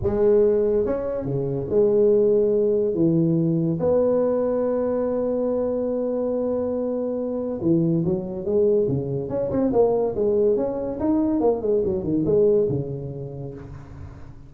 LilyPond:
\new Staff \with { instrumentName = "tuba" } { \time 4/4 \tempo 4 = 142 gis2 cis'4 cis4 | gis2. e4~ | e4 b2.~ | b1~ |
b2 e4 fis4 | gis4 cis4 cis'8 c'8 ais4 | gis4 cis'4 dis'4 ais8 gis8 | fis8 dis8 gis4 cis2 | }